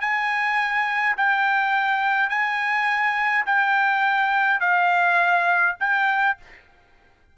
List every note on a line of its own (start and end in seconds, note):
0.00 1.15 G#5
1.17 2.29 G5
2.29 3.44 G#5
3.45 4.60 G5
4.60 5.75 F5
5.80 6.37 G5